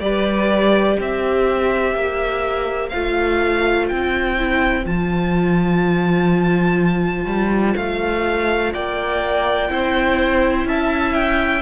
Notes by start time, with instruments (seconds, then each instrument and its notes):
0.00 cello G3, viola G4, violin B4 D5
1.00 cello C4, violin C5 E5
1.95 cello A#3
2.89 cello A3, viola F4, violin F5
3.88 cello C4, violin G5
4.36 viola E4
4.84 cello F3, viola F4, violin A5
7.25 cello G3
7.76 cello A3, violin F5
8.73 cello A#3, violin D5 G5
9.68 cello C4, viola E4, violin C5
10.65 cello C#4, violin E5 A5
11.14 violin G5